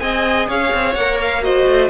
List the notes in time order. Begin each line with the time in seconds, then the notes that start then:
0.00 C4 G#4 D#5 G#5
0.48 C#4 C#5 F5
0.74 C4
0.94 A#3 A#4 F#5
1.22 F5
1.42 F#4 C5 D#5
1.67 A3